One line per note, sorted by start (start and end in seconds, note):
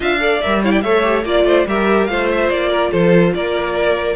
0.00 0.41 D4
0.00 0.20 F4
0.00 0.20 E5
0.00 0.41 F5
0.20 0.40 A4
0.20 0.62 D5
0.41 0.84 G3
0.41 0.63 A#4
0.41 0.62 E5
0.62 0.84 E4
0.62 0.71 C#5
0.62 0.71 F5
0.71 0.82 D5
0.71 0.81 G5
0.81 1.24 A3
0.81 1.02 A4
0.81 1.25 C#5
0.81 1.23 E5
1.02 1.23 G4
1.24 1.44 A#3
1.24 1.67 F4
1.24 1.46 D5
1.24 1.67 D5
1.44 1.65 A3
1.44 1.67 C5
1.66 2.08 G3
1.66 2.08 G4
1.66 2.09 A#4
1.66 2.06 E5
2.06 2.50 A3
2.06 4.16 F4
2.06 2.69 C5
2.06 2.27 F5
2.31 2.50 E5
2.50 2.92 A#3
2.50 2.91 D5
2.69 2.90 A#4
2.90 3.34 F3
2.90 3.32 A4
2.90 3.33 C5
3.34 4.16 A#3
3.34 4.16 A#4
3.34 4.16 D5